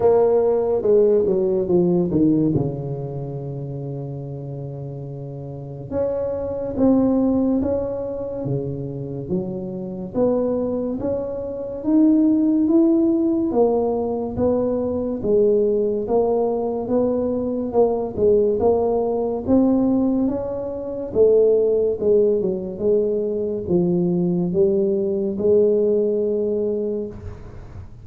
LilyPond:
\new Staff \with { instrumentName = "tuba" } { \time 4/4 \tempo 4 = 71 ais4 gis8 fis8 f8 dis8 cis4~ | cis2. cis'4 | c'4 cis'4 cis4 fis4 | b4 cis'4 dis'4 e'4 |
ais4 b4 gis4 ais4 | b4 ais8 gis8 ais4 c'4 | cis'4 a4 gis8 fis8 gis4 | f4 g4 gis2 | }